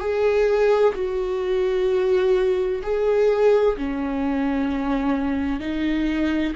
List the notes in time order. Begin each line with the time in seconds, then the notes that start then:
0.00 G#4
0.95 F#4
2.83 G#4
3.77 C#4
5.60 D#4